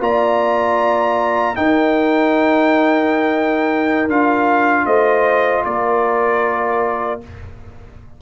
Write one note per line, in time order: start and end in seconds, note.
0.00 1.56 A#3
0.00 1.56 F4
0.00 1.58 D5
0.00 1.56 A#5
1.56 4.09 D#4
1.56 4.08 D#4
1.56 4.86 A#4
1.56 4.09 G5
4.08 4.86 D4
4.08 7.21 F4
4.08 4.86 F5
4.86 5.64 A3
4.86 5.64 C5
4.86 5.64 D#5
5.65 7.21 A#3
5.65 7.22 A#4
5.65 7.21 D5